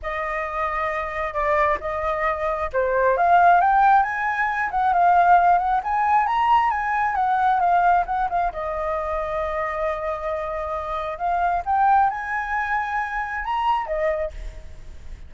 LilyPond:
\new Staff \with { instrumentName = "flute" } { \time 4/4 \tempo 4 = 134 dis''2. d''4 | dis''2 c''4 f''4 | g''4 gis''4. fis''8 f''4~ | f''8 fis''8 gis''4 ais''4 gis''4 |
fis''4 f''4 fis''8 f''8 dis''4~ | dis''1~ | dis''4 f''4 g''4 gis''4~ | gis''2 ais''4 dis''4 | }